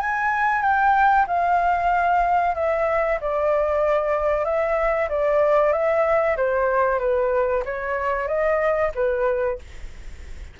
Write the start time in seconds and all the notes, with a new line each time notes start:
0.00 G#5
0.62 G5
1.27 F5
2.55 E5
3.21 D5
4.45 E5
5.09 D5
5.72 E5
6.37 C5
6.99 B4
7.65 C#5
8.27 D#5
8.95 B4